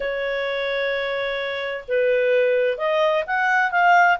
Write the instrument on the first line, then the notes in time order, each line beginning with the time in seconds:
clarinet
0.00 C#5
1.88 B4
2.77 D#5
3.26 F#5
3.71 F5